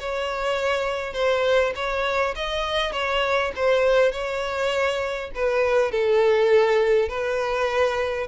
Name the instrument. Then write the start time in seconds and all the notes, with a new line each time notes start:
violin
0.00 C#5
1.14 C5
1.76 C#5
2.35 D#5
2.92 C#5
3.56 C5
4.12 C#5
5.35 B4
5.92 A4
7.09 B4